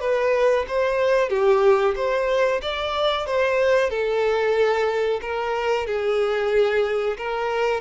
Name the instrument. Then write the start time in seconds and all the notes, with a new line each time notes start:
violin
0.00 B4
0.68 C5
1.29 G4
1.96 C5
2.61 D5
3.26 C5
3.90 A4
5.21 A#4
5.86 G#4
7.17 A#4